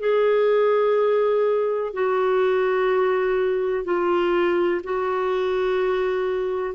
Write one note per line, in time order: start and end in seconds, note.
0.00 1.94 G#4
1.94 3.85 F#4
3.85 4.82 F4
4.84 6.75 F#4